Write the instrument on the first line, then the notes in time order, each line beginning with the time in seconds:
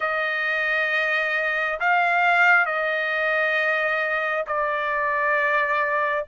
trumpet
0.00 D#5
1.80 F5
2.65 D#5
4.46 D5